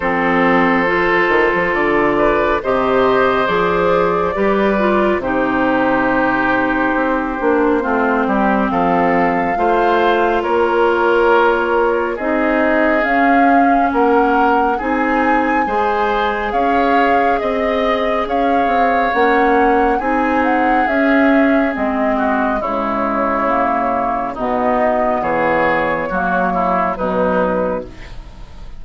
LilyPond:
<<
  \new Staff \with { instrumentName = "flute" } { \time 4/4 \tempo 4 = 69 c''2 d''4 dis''4 | d''2 c''2~ | c''2 f''2 | cis''2 dis''4 f''4 |
fis''4 gis''2 f''4 | dis''4 f''4 fis''4 gis''8 fis''8 | e''4 dis''4 cis''2 | dis''4 cis''2 b'4 | }
  \new Staff \with { instrumentName = "oboe" } { \time 4/4 a'2~ a'8 b'8 c''4~ | c''4 b'4 g'2~ | g'4 f'8 g'8 a'4 c''4 | ais'2 gis'2 |
ais'4 gis'4 c''4 cis''4 | dis''4 cis''2 gis'4~ | gis'4. fis'8 e'2 | dis'4 gis'4 fis'8 e'8 dis'4 | }
  \new Staff \with { instrumentName = "clarinet" } { \time 4/4 c'4 f'2 g'4 | gis'4 g'8 f'8 dis'2~ | dis'8 d'8 c'2 f'4~ | f'2 dis'4 cis'4~ |
cis'4 dis'4 gis'2~ | gis'2 cis'4 dis'4 | cis'4 c'4 gis4 ais4 | b2 ais4 fis4 | }
  \new Staff \with { instrumentName = "bassoon" } { \time 4/4 f4. dis16 f16 d4 c4 | f4 g4 c2 | c'8 ais8 a8 g8 f4 a4 | ais2 c'4 cis'4 |
ais4 c'4 gis4 cis'4 | c'4 cis'8 c'8 ais4 c'4 | cis'4 gis4 cis2 | b,4 e4 fis4 b,4 | }
>>